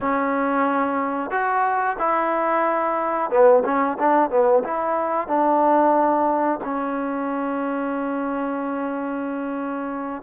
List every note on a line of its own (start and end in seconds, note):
0.00 1.30 C#4
1.30 1.96 F#4
1.98 3.30 E4
3.30 3.63 B3
3.64 3.97 C#4
3.98 4.30 D4
4.30 4.63 B3
4.63 5.27 E4
5.27 6.59 D4
6.64 10.22 C#4